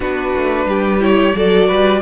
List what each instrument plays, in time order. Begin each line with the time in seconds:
0.00 cello B3, viola D4, violin F#4 B4
0.35 cello A3
0.65 cello G3, violin G4
1.00 viola E4, violin C#5
1.35 cello F#3, viola F#4, violin A4 D5
1.67 cello G3, violin B4